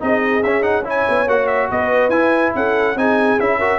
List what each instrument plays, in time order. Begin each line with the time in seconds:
0.00 tuba C4, trombone D#4, horn G#4, trumpet D#5
0.43 tuba C#4, trombone C#4, trumpet E5
0.62 trombone D#4, trumpet F#5
0.85 trombone E4, horn C#5, trumpet G#5
1.09 tuba B3
1.27 tuba A#3, trombone F#4, trumpet F#5
1.47 trumpet E5
1.71 tuba B3, horn B4, trumpet D#5
2.09 tuba E4, trombone E4, trumpet G#5
2.55 tuba C#4, horn A4, trumpet F#5
2.95 tuba C4, trombone D#4, horn G#4, trumpet G#5
3.40 tuba C#4, trombone E4, trumpet E5
3.58 trombone F#4, horn A#4